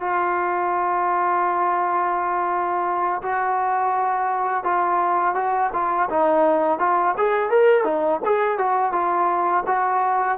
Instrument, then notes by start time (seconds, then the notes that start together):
trombone
0.00 F4
3.22 F#4
4.64 F4
5.34 F#4
5.73 F4
6.10 D#4
6.79 F4
7.17 G#4
7.50 A#4
7.84 D#4
8.25 G#4
8.58 F#4
8.92 F4
9.67 F#4